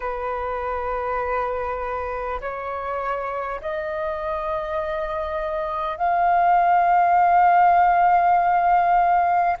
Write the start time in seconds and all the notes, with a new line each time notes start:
0.00 B4
2.40 C#5
3.61 D#5
5.97 F5